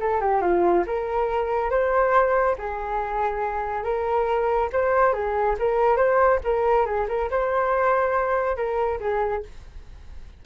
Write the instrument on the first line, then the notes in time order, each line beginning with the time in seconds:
flute
0.00 A4
0.20 G4
0.41 F4
0.86 A#4
1.70 C5
2.58 G#4
3.83 A#4
4.72 C5
5.13 G#4
5.59 A#4
5.96 C5
6.44 A#4
6.85 G#4
7.08 A#4
7.30 C5
8.56 A#4
9.00 G#4